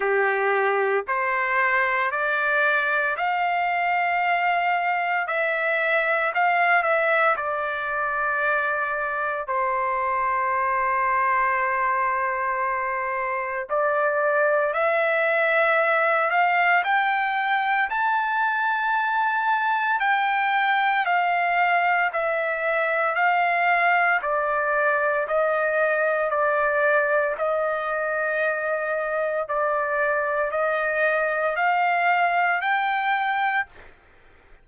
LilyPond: \new Staff \with { instrumentName = "trumpet" } { \time 4/4 \tempo 4 = 57 g'4 c''4 d''4 f''4~ | f''4 e''4 f''8 e''8 d''4~ | d''4 c''2.~ | c''4 d''4 e''4. f''8 |
g''4 a''2 g''4 | f''4 e''4 f''4 d''4 | dis''4 d''4 dis''2 | d''4 dis''4 f''4 g''4 | }